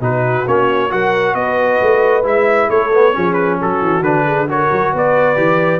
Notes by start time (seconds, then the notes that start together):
0.00 B2 D#4 F#4 B4
0.47 A#3 C#4 C#5
0.89 F#3 F#4 A#4 F#5
1.34 B3 B4 D#5
1.81 A3
2.22 G#3 E4 E5
2.69 A3 A4 C#5
2.93 B3
3.13 F3 C#4 G#4
3.33 B4
3.60 F#3 F#4 A4
3.81 E3
4.01 D3 D4 B4
4.25 G#4
4.48 F#4 A#4 C#5
4.71 F#3
4.92 B3 B4 D5
5.35 E3 G4